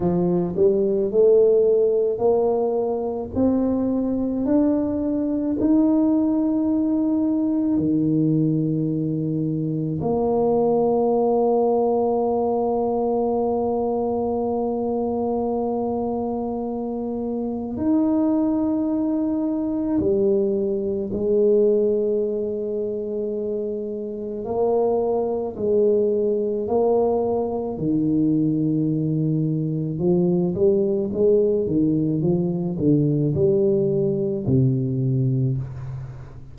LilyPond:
\new Staff \with { instrumentName = "tuba" } { \time 4/4 \tempo 4 = 54 f8 g8 a4 ais4 c'4 | d'4 dis'2 dis4~ | dis4 ais2.~ | ais1 |
dis'2 g4 gis4~ | gis2 ais4 gis4 | ais4 dis2 f8 g8 | gis8 dis8 f8 d8 g4 c4 | }